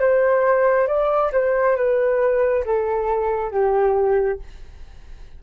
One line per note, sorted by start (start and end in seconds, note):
0.00 0.87 C5
0.87 1.32 D5
1.32 1.76 C5
1.76 2.65 B4
2.65 3.51 A4
3.51 4.40 G4